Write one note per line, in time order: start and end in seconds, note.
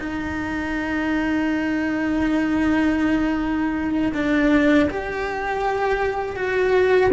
0.00 4.12 D#4
4.14 4.89 D4
4.91 6.36 G4
6.36 7.11 F#4